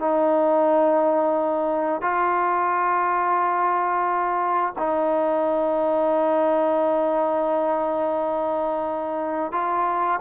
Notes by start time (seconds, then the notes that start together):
0.00 D#4
2.01 F4
4.79 D#4
9.52 F4